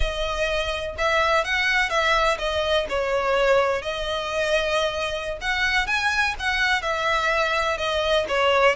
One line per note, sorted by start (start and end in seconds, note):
0.00 0.95 D#5
0.98 1.44 E5
1.44 1.89 F#5
1.89 2.37 E5
2.38 2.86 D#5
2.89 3.82 C#5
3.82 5.38 D#5
5.41 5.86 F#5
5.86 6.34 G#5
6.39 6.82 F#5
6.82 7.77 E5
7.77 8.25 D#5
8.28 8.75 C#5